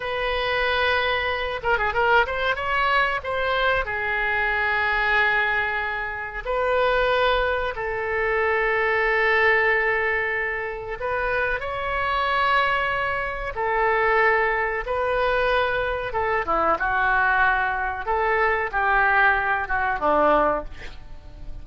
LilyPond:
\new Staff \with { instrumentName = "oboe" } { \time 4/4 \tempo 4 = 93 b'2~ b'8 ais'16 gis'16 ais'8 c''8 | cis''4 c''4 gis'2~ | gis'2 b'2 | a'1~ |
a'4 b'4 cis''2~ | cis''4 a'2 b'4~ | b'4 a'8 e'8 fis'2 | a'4 g'4. fis'8 d'4 | }